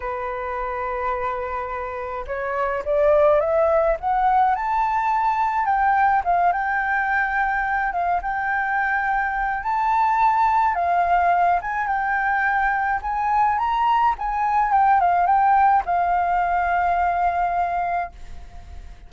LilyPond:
\new Staff \with { instrumentName = "flute" } { \time 4/4 \tempo 4 = 106 b'1 | cis''4 d''4 e''4 fis''4 | a''2 g''4 f''8 g''8~ | g''2 f''8 g''4.~ |
g''4 a''2 f''4~ | f''8 gis''8 g''2 gis''4 | ais''4 gis''4 g''8 f''8 g''4 | f''1 | }